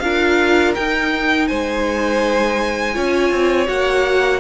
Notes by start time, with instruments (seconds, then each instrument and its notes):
0.00 cello D4, viola F4, violin A#4 F5
0.75 viola D#4, cello D#4, violin G5
1.48 cello G#3, violin C5 G#5
2.94 cello C#4, viola F4, violin C#5
3.31 cello C4
3.66 cello A#3, viola F#4, violin F#5